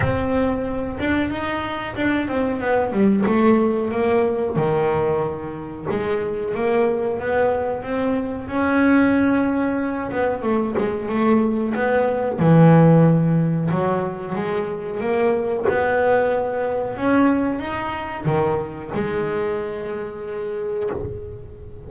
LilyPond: \new Staff \with { instrumentName = "double bass" } { \time 4/4 \tempo 4 = 92 c'4. d'8 dis'4 d'8 c'8 | b8 g8 a4 ais4 dis4~ | dis4 gis4 ais4 b4 | c'4 cis'2~ cis'8 b8 |
a8 gis8 a4 b4 e4~ | e4 fis4 gis4 ais4 | b2 cis'4 dis'4 | dis4 gis2. | }